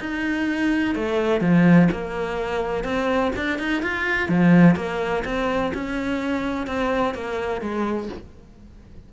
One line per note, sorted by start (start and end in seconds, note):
0.00 0.95 D#4
0.95 1.41 A3
1.41 1.89 F3
1.92 2.84 A#3
2.84 3.32 C4
3.36 3.59 D4
3.59 3.83 D#4
3.83 4.29 F4
4.29 4.76 F3
4.76 5.24 A#3
5.25 5.73 C4
5.74 6.67 C#4
6.67 7.15 C4
7.15 7.61 A#3
7.61 8.09 G#3